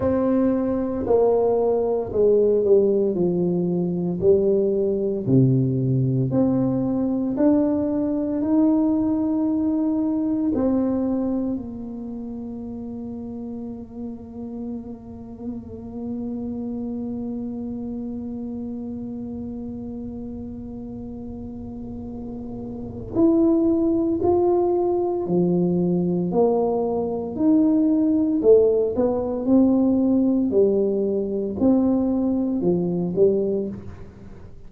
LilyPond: \new Staff \with { instrumentName = "tuba" } { \time 4/4 \tempo 4 = 57 c'4 ais4 gis8 g8 f4 | g4 c4 c'4 d'4 | dis'2 c'4 ais4~ | ais1~ |
ais1~ | ais2 e'4 f'4 | f4 ais4 dis'4 a8 b8 | c'4 g4 c'4 f8 g8 | }